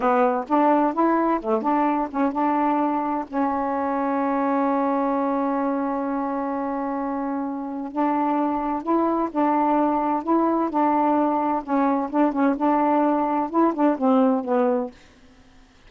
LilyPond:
\new Staff \with { instrumentName = "saxophone" } { \time 4/4 \tempo 4 = 129 b4 d'4 e'4 a8 d'8~ | d'8 cis'8 d'2 cis'4~ | cis'1~ | cis'1~ |
cis'4 d'2 e'4 | d'2 e'4 d'4~ | d'4 cis'4 d'8 cis'8 d'4~ | d'4 e'8 d'8 c'4 b4 | }